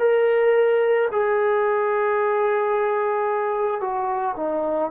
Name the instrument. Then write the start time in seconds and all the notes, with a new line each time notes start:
trombone
0.00 A#4
1.12 G#4
3.81 F#4
4.37 D#4